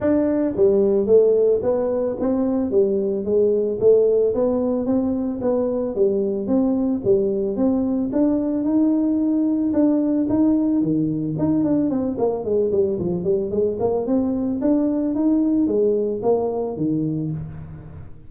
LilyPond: \new Staff \with { instrumentName = "tuba" } { \time 4/4 \tempo 4 = 111 d'4 g4 a4 b4 | c'4 g4 gis4 a4 | b4 c'4 b4 g4 | c'4 g4 c'4 d'4 |
dis'2 d'4 dis'4 | dis4 dis'8 d'8 c'8 ais8 gis8 g8 | f8 g8 gis8 ais8 c'4 d'4 | dis'4 gis4 ais4 dis4 | }